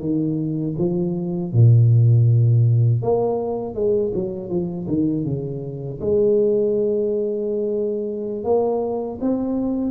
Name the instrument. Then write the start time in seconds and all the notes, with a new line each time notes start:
tuba
0.00 D#3
0.79 F3
1.53 A#2
3.03 A#3
3.75 G#3
4.15 F#3
4.50 F3
4.88 D#3
5.25 C#3
6.01 G#3
8.44 A#3
9.21 C4